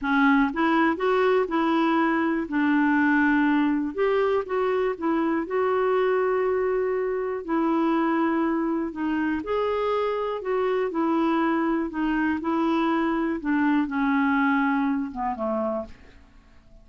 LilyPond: \new Staff \with { instrumentName = "clarinet" } { \time 4/4 \tempo 4 = 121 cis'4 e'4 fis'4 e'4~ | e'4 d'2. | g'4 fis'4 e'4 fis'4~ | fis'2. e'4~ |
e'2 dis'4 gis'4~ | gis'4 fis'4 e'2 | dis'4 e'2 d'4 | cis'2~ cis'8 b8 a4 | }